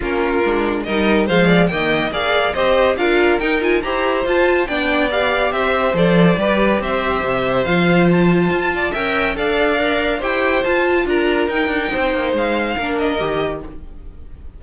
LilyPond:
<<
  \new Staff \with { instrumentName = "violin" } { \time 4/4 \tempo 4 = 141 ais'2 dis''4 f''4 | g''4 f''4 dis''4 f''4 | g''8 gis''8 ais''4 a''4 g''4 | f''4 e''4 d''2 |
e''2 f''4 a''4~ | a''4 g''4 f''2 | g''4 a''4 ais''4 g''4~ | g''4 f''4. dis''4. | }
  \new Staff \with { instrumentName = "violin" } { \time 4/4 f'2 ais'4 c''8 d''8 | dis''4 d''4 c''4 ais'4~ | ais'4 c''2 d''4~ | d''4 c''2 b'4 |
c''1~ | c''8 d''8 e''4 d''2 | c''2 ais'2 | c''2 ais'2 | }
  \new Staff \with { instrumentName = "viola" } { \time 4/4 cis'4 d'4 dis'4 gis4 | ais4 gis'4 g'4 f'4 | dis'8 f'8 g'4 f'4 d'4 | g'2 a'4 g'4~ |
g'2 f'2~ | f'4 ais'4 a'4 ais'4 | g'4 f'2 dis'4~ | dis'2 d'4 g'4 | }
  \new Staff \with { instrumentName = "cello" } { \time 4/4 ais4 gis4 g4 f4 | dis4 ais4 c'4 d'4 | dis'4 e'4 f'4 b4~ | b4 c'4 f4 g4 |
c'4 c4 f2 | f'4 cis'4 d'2 | e'4 f'4 d'4 dis'8 d'8 | c'8 ais8 gis4 ais4 dis4 | }
>>